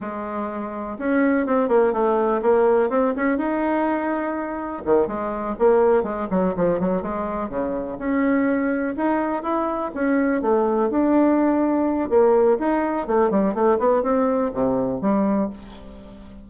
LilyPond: \new Staff \with { instrumentName = "bassoon" } { \time 4/4 \tempo 4 = 124 gis2 cis'4 c'8 ais8 | a4 ais4 c'8 cis'8 dis'4~ | dis'2 dis8 gis4 ais8~ | ais8 gis8 fis8 f8 fis8 gis4 cis8~ |
cis8 cis'2 dis'4 e'8~ | e'8 cis'4 a4 d'4.~ | d'4 ais4 dis'4 a8 g8 | a8 b8 c'4 c4 g4 | }